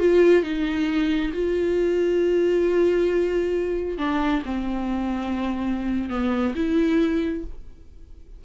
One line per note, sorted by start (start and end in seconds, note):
0.00 0.43 F4
0.43 1.32 D#4
1.34 3.99 F4
3.99 4.43 D4
4.45 6.10 C4
6.10 6.55 B3
6.56 7.44 E4